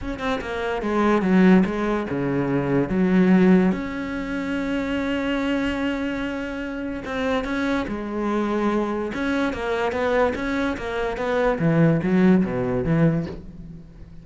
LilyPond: \new Staff \with { instrumentName = "cello" } { \time 4/4 \tempo 4 = 145 cis'8 c'8 ais4 gis4 fis4 | gis4 cis2 fis4~ | fis4 cis'2.~ | cis'1~ |
cis'4 c'4 cis'4 gis4~ | gis2 cis'4 ais4 | b4 cis'4 ais4 b4 | e4 fis4 b,4 e4 | }